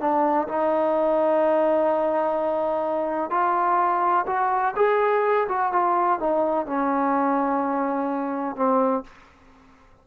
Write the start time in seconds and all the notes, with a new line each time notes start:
0.00 D4
0.48 D#4
3.30 F4
4.27 F#4
4.76 G#4
5.48 F#4
5.72 F4
6.20 D#4
6.66 C#4
8.56 C4